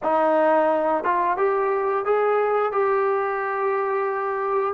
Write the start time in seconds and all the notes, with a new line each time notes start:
0.02 D#4
1.04 F4
1.37 G4
2.05 G#4
2.71 G4